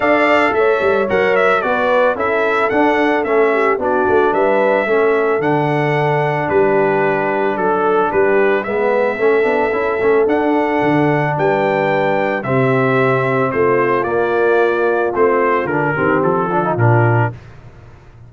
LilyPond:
<<
  \new Staff \with { instrumentName = "trumpet" } { \time 4/4 \tempo 4 = 111 f''4 e''4 fis''8 e''8 d''4 | e''4 fis''4 e''4 d''4 | e''2 fis''2 | b'2 a'4 b'4 |
e''2. fis''4~ | fis''4 g''2 e''4~ | e''4 c''4 d''2 | c''4 ais'4 a'4 ais'4 | }
  \new Staff \with { instrumentName = "horn" } { \time 4/4 d''4 cis''2 b'4 | a'2~ a'8 g'8 fis'4 | b'4 a'2. | g'2 a'4 g'4 |
b'4 a'2.~ | a'4 b'2 g'4~ | g'4 f'2.~ | f'4. g'4 f'4. | }
  \new Staff \with { instrumentName = "trombone" } { \time 4/4 a'2 ais'4 fis'4 | e'4 d'4 cis'4 d'4~ | d'4 cis'4 d'2~ | d'1 |
b4 cis'8 d'8 e'8 cis'8 d'4~ | d'2. c'4~ | c'2 ais2 | c'4 d'8 c'4 d'16 dis'16 d'4 | }
  \new Staff \with { instrumentName = "tuba" } { \time 4/4 d'4 a8 g8 fis4 b4 | cis'4 d'4 a4 b8 a8 | g4 a4 d2 | g2 fis4 g4 |
gis4 a8 b8 cis'8 a8 d'4 | d4 g2 c4~ | c4 a4 ais2 | a4 d8 dis8 f4 ais,4 | }
>>